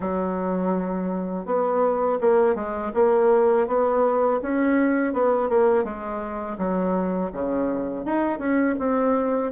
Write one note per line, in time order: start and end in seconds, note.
0.00 1.45 F#3
1.45 2.19 B3
2.21 2.55 A#3
2.55 2.91 G#3
2.94 3.67 A#3
3.67 4.40 B3
4.41 5.13 C#4
5.13 5.49 B3
5.49 5.84 A#3
5.84 6.57 G#3
6.58 7.31 F#3
7.32 8.05 C#3
8.05 8.38 D#4
8.38 8.75 C#4
8.78 9.52 C4